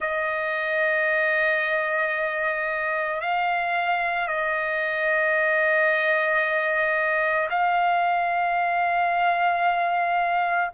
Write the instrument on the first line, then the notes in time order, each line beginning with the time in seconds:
trumpet
0.00 D#5
3.20 F5
4.27 D#5
7.50 F5